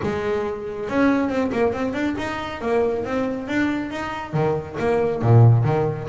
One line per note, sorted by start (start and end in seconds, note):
0.02 0.89 G#3
0.89 1.29 C#4
1.29 1.51 C4
1.52 1.72 A#3
1.72 1.93 C4
1.93 2.15 D4
2.18 2.61 D#4
2.61 3.04 A#3
3.04 3.47 C4
3.47 3.91 D4
3.91 4.33 D#4
4.33 4.76 D#3
4.79 5.22 A#3
5.22 5.64 A#2
5.64 6.07 D#3